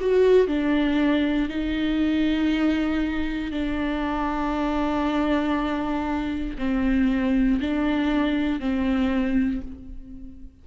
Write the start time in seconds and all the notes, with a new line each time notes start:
0.00 F#4
0.47 D4
1.48 D#4
3.51 D4
6.58 C4
7.60 D4
8.59 C4